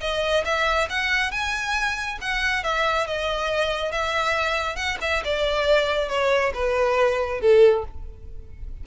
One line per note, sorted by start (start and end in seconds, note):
0.00 0.43 D#5
0.44 0.88 E5
0.89 1.31 F#5
1.31 2.18 G#5
2.21 2.63 F#5
2.63 3.06 E5
3.06 3.91 D#5
3.91 4.75 E5
4.75 4.97 F#5
5.01 5.23 E5
5.24 6.08 D5
6.08 6.52 C#5
6.54 7.41 B4
7.41 7.84 A4